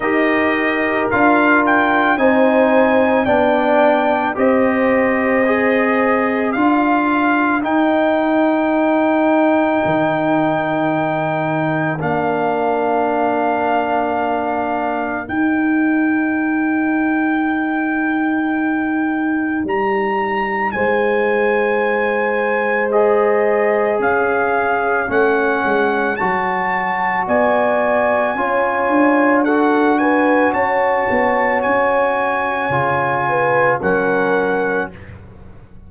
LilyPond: <<
  \new Staff \with { instrumentName = "trumpet" } { \time 4/4 \tempo 4 = 55 dis''4 f''8 g''8 gis''4 g''4 | dis''2 f''4 g''4~ | g''2. f''4~ | f''2 g''2~ |
g''2 ais''4 gis''4~ | gis''4 dis''4 f''4 fis''4 | a''4 gis''2 fis''8 gis''8 | a''4 gis''2 fis''4 | }
  \new Staff \with { instrumentName = "horn" } { \time 4/4 ais'2 c''4 d''4 | c''2 ais'2~ | ais'1~ | ais'1~ |
ais'2. c''4~ | c''2 cis''2~ | cis''4 d''4 cis''4 a'8 b'8 | cis''2~ cis''8 b'8 ais'4 | }
  \new Staff \with { instrumentName = "trombone" } { \time 4/4 g'4 f'4 dis'4 d'4 | g'4 gis'4 f'4 dis'4~ | dis'2. d'4~ | d'2 dis'2~ |
dis'1~ | dis'4 gis'2 cis'4 | fis'2 f'4 fis'4~ | fis'2 f'4 cis'4 | }
  \new Staff \with { instrumentName = "tuba" } { \time 4/4 dis'4 d'4 c'4 b4 | c'2 d'4 dis'4~ | dis'4 dis2 ais4~ | ais2 dis'2~ |
dis'2 g4 gis4~ | gis2 cis'4 a8 gis8 | fis4 b4 cis'8 d'4. | cis'8 b8 cis'4 cis4 fis4 | }
>>